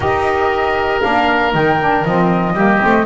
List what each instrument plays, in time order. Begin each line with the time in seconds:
0.00 double bass D#4, saxophone G4, oboe A#4, flute D#5
1.01 double bass A#3, saxophone D4, flute F5
1.51 double bass D#3, saxophone D#4, flute G5
1.80 saxophone D4
2.04 double bass F3, saxophone C4, flute D#5
2.53 double bass G3, saxophone A#3, oboe G4
2.80 double bass A3, saxophone C4